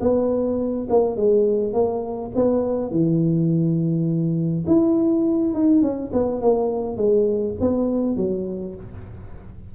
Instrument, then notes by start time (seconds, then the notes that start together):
tuba
0.00 B3
0.89 A#3
1.16 G#3
1.73 A#3
2.35 B3
2.90 E3
4.66 E4
5.53 D#4
5.81 C#4
6.12 B3
6.41 A#3
6.96 G#3
7.60 B3
8.16 F#3